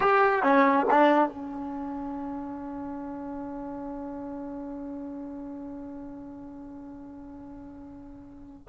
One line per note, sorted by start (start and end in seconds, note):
0.00 0.42 G4
0.42 0.86 C#4
0.90 1.28 D4
1.28 8.67 C#4